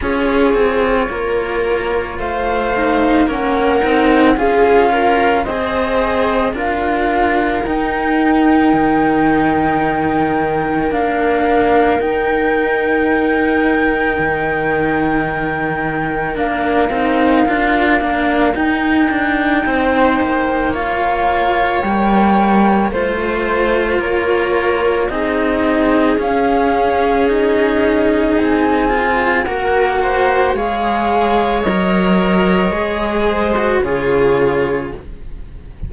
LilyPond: <<
  \new Staff \with { instrumentName = "flute" } { \time 4/4 \tempo 4 = 55 cis''2 f''4 fis''4 | f''4 dis''4 f''4 g''4~ | g''2 f''4 g''4~ | g''2. f''4~ |
f''4 g''2 f''4 | g''4 c''4 cis''4 dis''4 | f''4 dis''4 gis''4 fis''4 | f''4 dis''2 cis''4 | }
  \new Staff \with { instrumentName = "viola" } { \time 4/4 gis'4 ais'4 c''4 ais'4 | gis'8 ais'8 c''4 ais'2~ | ais'1~ | ais'1~ |
ais'2 c''4 cis''4~ | cis''4 c''4 ais'4 gis'4~ | gis'2. ais'8 c''8 | cis''2~ cis''8 c''8 gis'4 | }
  \new Staff \with { instrumentName = "cello" } { \time 4/4 f'2~ f'8 dis'8 cis'8 dis'8 | f'4 gis'4 f'4 dis'4~ | dis'2 d'4 dis'4~ | dis'2. d'8 dis'8 |
f'8 d'8 dis'2 f'4 | ais4 f'2 dis'4 | cis'4 dis'4. f'8 fis'4 | gis'4 ais'4 gis'8. fis'16 f'4 | }
  \new Staff \with { instrumentName = "cello" } { \time 4/4 cis'8 c'8 ais4 a4 ais8 c'8 | cis'4 c'4 d'4 dis'4 | dis2 ais4 dis'4~ | dis'4 dis2 ais8 c'8 |
d'8 ais8 dis'8 d'8 c'8 ais4. | g4 a4 ais4 c'4 | cis'2 c'4 ais4 | gis4 fis4 gis4 cis4 | }
>>